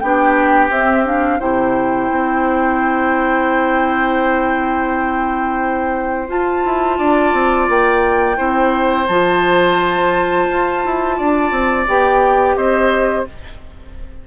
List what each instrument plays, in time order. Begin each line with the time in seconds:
0.00 bassoon B3, clarinet D4, oboe G4, flute G5
0.70 bassoon C4, clarinet C4, flute E5
1.05 clarinet D4, flute F5
1.40 bassoon C3, clarinet E4, oboe C5, flute G5
2.11 bassoon C4
6.29 clarinet F4, bassoon F4, flute A5
6.65 bassoon E4
6.99 bassoon D4, oboe D5
7.34 bassoon C4
7.69 bassoon A#3, flute G5
8.36 bassoon C4, clarinet E4, oboe C5
9.08 bassoon F3, clarinet F4, flute A5
10.50 bassoon F4
10.85 bassoon E4
11.18 bassoon D4, oboe D5
11.52 bassoon C4
11.88 bassoon B3, clarinet G4, flute G5
12.56 bassoon C4, oboe C5, flute D#5